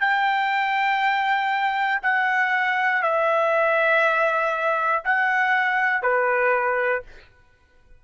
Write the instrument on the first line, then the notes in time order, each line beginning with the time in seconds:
trumpet
0.00 G5
2.02 F#5
3.02 E5
5.05 F#5
6.02 B4